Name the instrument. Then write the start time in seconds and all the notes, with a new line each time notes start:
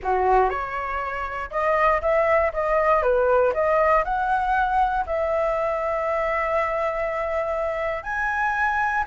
flute
0.02 F#4
0.49 C#5
1.50 D#5
2.01 E5
2.53 D#5
3.02 B4
3.53 D#5
4.04 F#5
5.06 E5
8.03 G#5